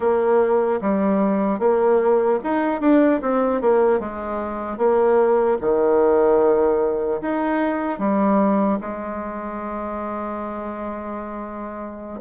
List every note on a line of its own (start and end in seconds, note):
0.00 0.80 A#3
0.81 1.59 G3
1.59 2.39 A#3
2.43 2.80 D#4
2.80 3.20 D4
3.21 3.61 C4
3.61 3.99 A#3
3.99 4.77 G#3
4.77 5.57 A#3
5.60 7.20 D#3
7.21 7.99 D#4
7.99 8.79 G3
8.80 12.20 G#3